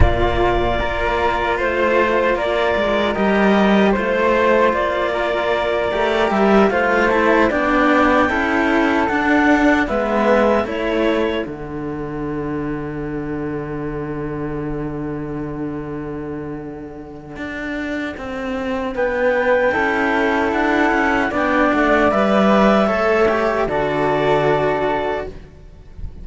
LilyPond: <<
  \new Staff \with { instrumentName = "clarinet" } { \time 4/4 \tempo 4 = 76 d''2 c''4 d''4 | dis''4 c''4 d''2 | e''8 f''8 a''8 g''2 fis''8~ | fis''8 e''4 cis''4 fis''4.~ |
fis''1~ | fis''1 | g''2 fis''4 g''8 fis''8 | e''2 d''2 | }
  \new Staff \with { instrumentName = "flute" } { \time 4/4 f'4 ais'4 c''4 ais'4~ | ais'4 c''4. ais'4.~ | ais'8 c''4 d''4 a'4.~ | a'8 b'4 a'2~ a'8~ |
a'1~ | a'1 | b'4 a'2 d''4~ | d''4 cis''4 a'2 | }
  \new Staff \with { instrumentName = "cello" } { \time 4/4 ais4 f'2. | g'4 f'2~ f'8 g'8~ | g'8 f'8 e'8 d'4 e'4 d'8~ | d'8 b4 e'4 d'4.~ |
d'1~ | d'1~ | d'4 e'2 d'4 | b'4 a'8 g'8 fis'2 | }
  \new Staff \with { instrumentName = "cello" } { \time 4/4 ais,4 ais4 a4 ais8 gis8 | g4 a4 ais4. a8 | g8 a4 b4 cis'4 d'8~ | d'8 gis4 a4 d4.~ |
d1~ | d2 d'4 c'4 | b4 cis'4 d'8 cis'8 b8 a8 | g4 a4 d2 | }
>>